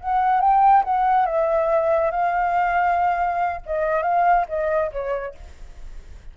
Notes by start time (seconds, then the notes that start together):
0.00 F#5
0.41 G5
0.84 F#5
1.26 E5
2.11 F5
3.65 D#5
4.03 F5
4.48 D#5
4.91 C#5